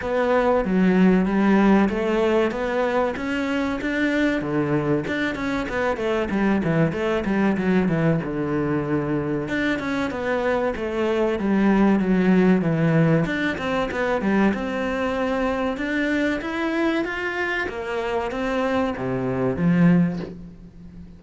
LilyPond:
\new Staff \with { instrumentName = "cello" } { \time 4/4 \tempo 4 = 95 b4 fis4 g4 a4 | b4 cis'4 d'4 d4 | d'8 cis'8 b8 a8 g8 e8 a8 g8 | fis8 e8 d2 d'8 cis'8 |
b4 a4 g4 fis4 | e4 d'8 c'8 b8 g8 c'4~ | c'4 d'4 e'4 f'4 | ais4 c'4 c4 f4 | }